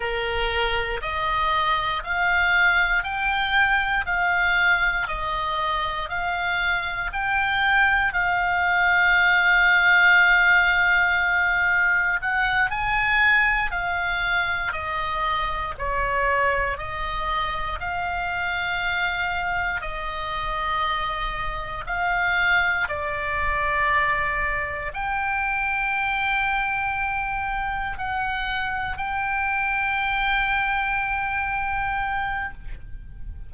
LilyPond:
\new Staff \with { instrumentName = "oboe" } { \time 4/4 \tempo 4 = 59 ais'4 dis''4 f''4 g''4 | f''4 dis''4 f''4 g''4 | f''1 | fis''8 gis''4 f''4 dis''4 cis''8~ |
cis''8 dis''4 f''2 dis''8~ | dis''4. f''4 d''4.~ | d''8 g''2. fis''8~ | fis''8 g''2.~ g''8 | }